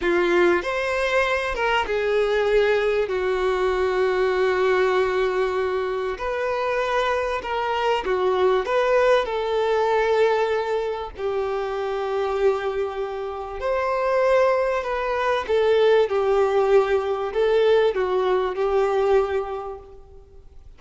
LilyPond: \new Staff \with { instrumentName = "violin" } { \time 4/4 \tempo 4 = 97 f'4 c''4. ais'8 gis'4~ | gis'4 fis'2.~ | fis'2 b'2 | ais'4 fis'4 b'4 a'4~ |
a'2 g'2~ | g'2 c''2 | b'4 a'4 g'2 | a'4 fis'4 g'2 | }